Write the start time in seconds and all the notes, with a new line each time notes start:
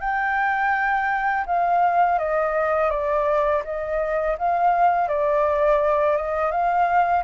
0.00 G5
1.46 F5
2.19 D#5
2.90 D5
3.65 D#5
4.38 F5
5.08 D5
6.17 D#5
6.52 F5